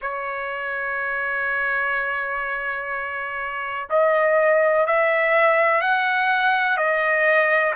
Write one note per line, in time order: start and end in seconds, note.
0.01 3.88 C#5
3.89 4.86 D#5
4.86 5.81 E5
5.81 6.77 F#5
6.77 7.73 D#5